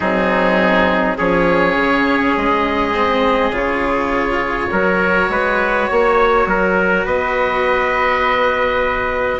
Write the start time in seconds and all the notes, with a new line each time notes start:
0.00 F#3 C4 D#4 G#4
1.17 F3 C#4 G#4 C#5
1.75 C#3
2.36 G#3 D#5
2.94 C4
3.51 C#3 F4 C#5
4.71 F#3 F#4 A#4
5.29 G#3 B4
5.88 A#3 C#5
6.46 F#3 A#4
7.05 B3 B4 D#5